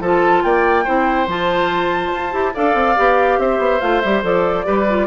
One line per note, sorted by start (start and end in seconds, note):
0.00 0.42 F3
0.00 0.84 F4
0.00 0.43 A4
0.00 0.43 A5
0.43 0.85 A#3
0.43 0.84 D5
0.43 1.27 G5
0.84 1.27 C4
0.84 1.27 E4
0.84 2.53 C5
1.27 2.11 F3
1.27 2.31 F4
1.27 2.55 A5
2.13 2.33 F4
2.31 2.54 E4
2.31 2.52 G4
2.54 2.74 D4
2.54 2.96 A4
2.54 3.38 D5
2.54 3.39 F5
2.74 2.95 C4
2.96 3.38 B3
2.96 3.80 G4
3.38 3.58 C4
3.38 4.66 C5
3.38 3.80 E5
3.58 3.79 B3
3.80 4.03 A3
3.80 4.01 F4
3.80 4.01 F5
4.01 4.23 G3
4.01 4.22 G4
4.01 4.22 E5
4.22 4.65 F3
4.22 4.64 A4
4.22 5.07 D5
4.64 5.07 G3
4.64 4.85 G4
4.64 5.07 B4
4.88 5.07 F4